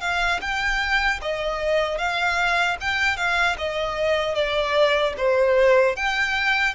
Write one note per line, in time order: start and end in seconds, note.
0.00 0.39 F5
0.41 1.20 G5
1.21 1.98 D#5
1.98 2.77 F5
2.80 3.17 G5
3.17 3.56 F5
3.58 4.35 D#5
4.35 5.14 D5
5.17 5.96 C5
5.96 6.74 G5